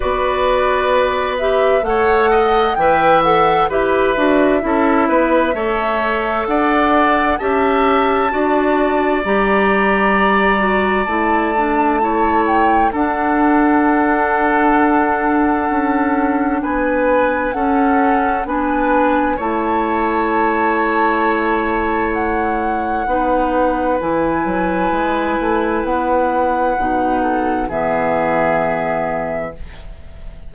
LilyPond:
<<
  \new Staff \with { instrumentName = "flute" } { \time 4/4 \tempo 4 = 65 d''4. e''8 fis''4 g''8 fis''8 | e''2. fis''4 | a''2 ais''2 | a''4. g''8 fis''2~ |
fis''2 gis''4 fis''4 | gis''4 a''2. | fis''2 gis''2 | fis''2 e''2 | }
  \new Staff \with { instrumentName = "oboe" } { \time 4/4 b'2 cis''8 dis''8 e''4 | b'4 a'8 b'8 cis''4 d''4 | e''4 d''2.~ | d''4 cis''4 a'2~ |
a'2 b'4 a'4 | b'4 cis''2.~ | cis''4 b'2.~ | b'4. a'8 gis'2 | }
  \new Staff \with { instrumentName = "clarinet" } { \time 4/4 fis'4. g'8 a'4 b'8 a'8 | g'8 fis'8 e'4 a'2 | g'4 fis'4 g'4. fis'8 | e'8 d'8 e'4 d'2~ |
d'2. cis'4 | d'4 e'2.~ | e'4 dis'4 e'2~ | e'4 dis'4 b2 | }
  \new Staff \with { instrumentName = "bassoon" } { \time 4/4 b2 a4 e4 | e'8 d'8 cis'8 b8 a4 d'4 | cis'4 d'4 g2 | a2 d'2~ |
d'4 cis'4 b4 cis'4 | b4 a2.~ | a4 b4 e8 fis8 gis8 a8 | b4 b,4 e2 | }
>>